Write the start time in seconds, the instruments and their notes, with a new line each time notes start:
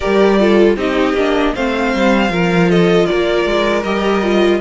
0.00 cello G3, viola G4, violin A#4 D5
0.39 viola F4, violin A4
0.76 cello C4, viola D#4, violin G4 D#5
1.14 cello A#3, viola D4
1.54 cello A3, viola C4, violin C5 F5
1.95 cello G3
2.28 cello F3, viola F4, violin A#4
2.69 violin A4 D#5
3.05 violin A#4 D5
3.12 cello A#3
3.45 cello G#3
3.83 cello G3, viola G4, violin D#5
4.23 viola F4